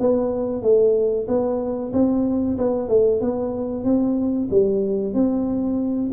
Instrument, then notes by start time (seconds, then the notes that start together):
tuba
0.00 B3
0.62 A3
1.28 B3
1.93 C4
2.58 B3
2.89 A3
3.21 B3
3.84 C4
4.51 G3
5.14 C4